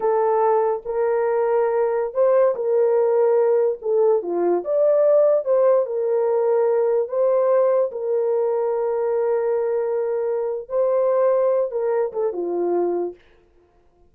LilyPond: \new Staff \with { instrumentName = "horn" } { \time 4/4 \tempo 4 = 146 a'2 ais'2~ | ais'4~ ais'16 c''4 ais'4.~ ais'16~ | ais'4~ ais'16 a'4 f'4 d''8.~ | d''4~ d''16 c''4 ais'4.~ ais'16~ |
ais'4~ ais'16 c''2 ais'8.~ | ais'1~ | ais'2 c''2~ | c''8 ais'4 a'8 f'2 | }